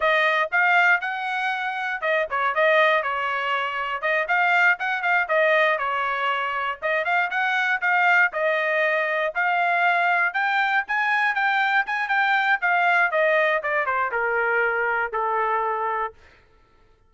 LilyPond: \new Staff \with { instrumentName = "trumpet" } { \time 4/4 \tempo 4 = 119 dis''4 f''4 fis''2 | dis''8 cis''8 dis''4 cis''2 | dis''8 f''4 fis''8 f''8 dis''4 cis''8~ | cis''4. dis''8 f''8 fis''4 f''8~ |
f''8 dis''2 f''4.~ | f''8 g''4 gis''4 g''4 gis''8 | g''4 f''4 dis''4 d''8 c''8 | ais'2 a'2 | }